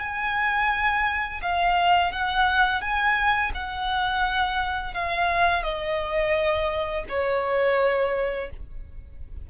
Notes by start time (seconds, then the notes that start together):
0.00 G#5
1.42 F5
2.12 F#5
2.81 G#5
3.55 F#5
4.94 F5
5.63 D#5
7.09 C#5